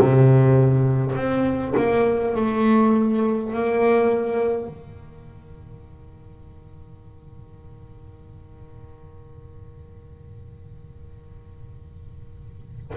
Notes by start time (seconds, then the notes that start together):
0.00 C3
1.16 C4
1.77 A#3
2.36 A3
3.53 A#3
4.68 D#3